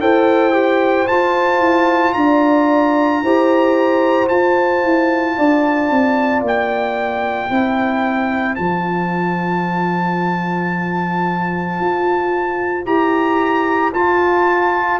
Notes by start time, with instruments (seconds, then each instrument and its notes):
0.00 tuba E4, trombone A4, horn C5, trumpet G5
0.53 trombone G4
1.07 trombone F4, tuba F4, trumpet A5
1.59 tuba E4
2.13 tuba D4, horn D5, trumpet A#5
3.22 tuba E4, trombone G4, horn C5
4.28 trombone F4, tuba F4, trumpet A5
4.83 tuba E4
5.37 tuba D4, horn D5
5.90 tuba C4
6.42 tuba A#3, trumpet G5
7.50 tuba C4, trombone E4, horn C5
8.55 tuba F3, trombone F4, trumpet A5
11.80 tuba F4
12.85 tuba E4, trombone G4, trumpet A#5
13.93 tuba F4, trombone F4, trumpet A5